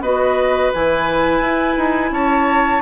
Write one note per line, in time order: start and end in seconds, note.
0.00 0.70 B3
0.00 0.73 F#4
0.00 2.11 B4
0.00 0.72 D#5
0.73 1.40 E3
0.73 2.81 E4
0.73 2.12 G#5
1.40 1.75 E4
1.77 2.11 D#4
2.11 2.81 C#4
2.11 2.81 C#5
2.11 2.81 A5